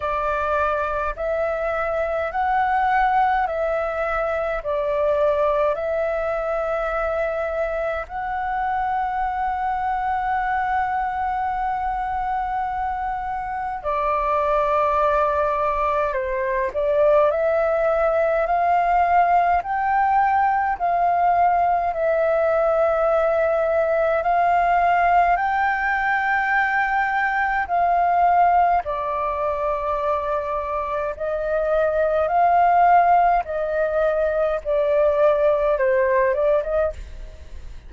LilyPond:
\new Staff \with { instrumentName = "flute" } { \time 4/4 \tempo 4 = 52 d''4 e''4 fis''4 e''4 | d''4 e''2 fis''4~ | fis''1 | d''2 c''8 d''8 e''4 |
f''4 g''4 f''4 e''4~ | e''4 f''4 g''2 | f''4 d''2 dis''4 | f''4 dis''4 d''4 c''8 d''16 dis''16 | }